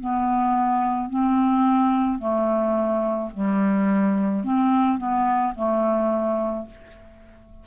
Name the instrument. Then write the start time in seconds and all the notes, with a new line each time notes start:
clarinet
0.00 B3
1.10 C4
2.19 A3
3.34 G3
4.44 C4
4.98 B3
5.55 A3